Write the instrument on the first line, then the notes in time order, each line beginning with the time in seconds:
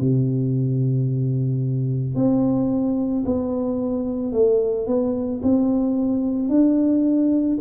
tuba
0.00 C3
2.15 C4
3.25 B3
4.32 A3
4.86 B3
5.42 C4
6.49 D4